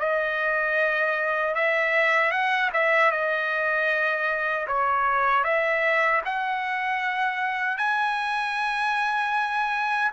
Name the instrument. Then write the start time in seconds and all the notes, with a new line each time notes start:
trumpet
0.00 D#5
1.55 E5
2.32 F#5
2.74 E5
3.12 D#5
4.68 C#5
5.44 E5
6.26 F#5
7.78 G#5